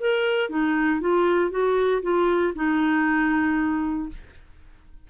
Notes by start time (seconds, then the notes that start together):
0.00 A#4
0.50 D#4
1.01 F4
1.51 F#4
2.02 F4
2.55 D#4